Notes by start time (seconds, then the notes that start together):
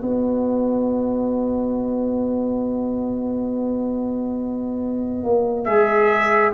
0.00 B3 F#4 B4 D#5
5.24 A#3
5.64 G#3 G#4 E5